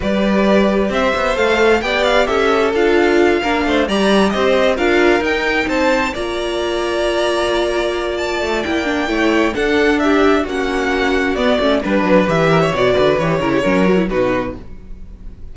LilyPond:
<<
  \new Staff \with { instrumentName = "violin" } { \time 4/4 \tempo 4 = 132 d''2 e''4 f''4 | g''8 f''8 e''4 f''2~ | f''8 ais''4 dis''4 f''4 g''8~ | g''8 a''4 ais''2~ ais''8~ |
ais''2 a''4 g''4~ | g''4 fis''4 e''4 fis''4~ | fis''4 d''4 b'4 e''4 | d''4 cis''2 b'4 | }
  \new Staff \with { instrumentName = "violin" } { \time 4/4 b'2 c''2 | d''4 a'2~ a'8 ais'8 | c''8 d''4 c''4 ais'4.~ | ais'8 c''4 d''2~ d''8~ |
d''1 | cis''4 a'4 g'4 fis'4~ | fis'2 b'4. ais'16 cis''16~ | cis''8 b'4 ais'16 g'16 ais'4 fis'4 | }
  \new Staff \with { instrumentName = "viola" } { \time 4/4 g'2. a'4 | g'2 f'4. d'8~ | d'8 g'2 f'4 dis'8~ | dis'4. f'2~ f'8~ |
f'2. e'8 d'8 | e'4 d'2 cis'4~ | cis'4 b8 cis'8 d'4 g'4 | fis'4 g'8 e'8 cis'8 fis'16 e'16 dis'4 | }
  \new Staff \with { instrumentName = "cello" } { \time 4/4 g2 c'8 b8 a4 | b4 cis'4 d'4. ais8 | a8 g4 c'4 d'4 dis'8~ | dis'8 c'4 ais2~ ais8~ |
ais2~ ais8 a8 ais4 | a4 d'2 ais4~ | ais4 b8 a8 g8 fis8 e4 | b,8 d8 e8 cis8 fis4 b,4 | }
>>